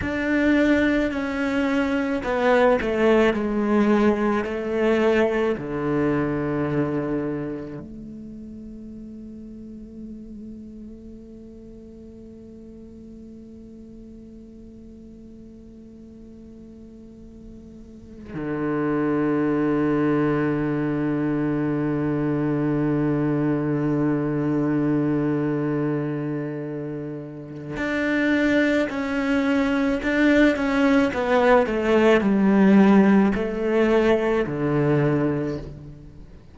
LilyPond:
\new Staff \with { instrumentName = "cello" } { \time 4/4 \tempo 4 = 54 d'4 cis'4 b8 a8 gis4 | a4 d2 a4~ | a1~ | a1~ |
a8 d2.~ d8~ | d1~ | d4 d'4 cis'4 d'8 cis'8 | b8 a8 g4 a4 d4 | }